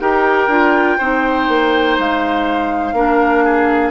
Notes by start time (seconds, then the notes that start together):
0.00 D#4 G4 A#4 G5
0.48 D4 F4
0.98 C4 D#4 C5
1.48 A#3
1.99 G#3 F5
2.93 A#3 D4 A#4
3.44 G#4